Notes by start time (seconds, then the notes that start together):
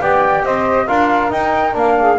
0.00 B3 G4 D5 G5
0.44 C4 C5 D#5
0.86 D4 F4 A#4 F5
1.30 D#4 G5
1.73 A#3 D4 F5
2.00 G#4